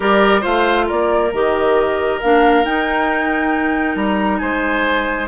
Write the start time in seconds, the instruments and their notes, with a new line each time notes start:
0.00 bassoon G3, clarinet G4, oboe A#4, flute D5
0.41 bassoon A3, clarinet F4, oboe C5, flute F5
0.86 bassoon A#3, oboe A#4, flute D5
1.33 bassoon D#3, clarinet G4, flute D#5
2.20 bassoon A#3, clarinet D4, flute F5
2.64 bassoon D#4, clarinet D#4, flute G5
3.95 bassoon G3, flute A#5
4.38 bassoon G#3, oboe C5, flute G#5